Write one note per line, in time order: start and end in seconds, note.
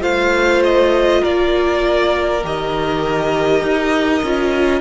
0.00 1.22 A3
0.00 2.40 F4
0.00 1.21 C5
0.00 0.62 F5
0.64 1.24 D#5
1.21 2.44 A#3
1.21 4.81 A#4
1.21 2.44 D5
2.43 3.62 D#3
2.43 4.23 G4
2.43 4.81 D#5
3.62 4.22 D#4
4.23 4.81 C#4
4.23 4.81 F4